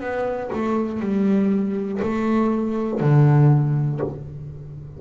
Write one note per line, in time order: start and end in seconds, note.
0.00 0.50 B3
0.53 1.00 A3
1.00 2.00 G3
2.02 3.00 A3
3.00 4.00 D3